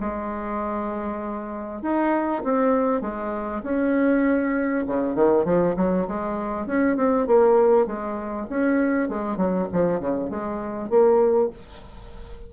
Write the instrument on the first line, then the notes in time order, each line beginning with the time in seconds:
bassoon
0.00 G#3
1.82 D#4
2.44 C4
3.01 G#3
3.63 C#4
4.87 C#3
5.15 D#3
5.45 F3
5.76 F#3
6.07 G#3
6.66 C#4
6.96 C4
7.26 A#3
7.86 G#3
8.49 C#4
9.09 G#3
9.37 F#3
9.72 F3
10.00 C#3
10.30 G#3
10.89 A#3